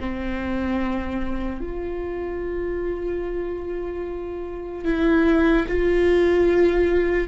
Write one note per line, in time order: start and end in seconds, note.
0.00 1.61 C4
1.61 4.85 F4
4.85 5.66 E4
5.68 7.28 F4